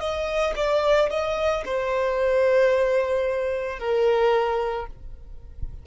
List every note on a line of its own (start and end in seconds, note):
0.00 0.54 D#5
0.56 1.10 D5
1.10 1.64 D#5
1.65 3.79 C5
3.79 4.87 A#4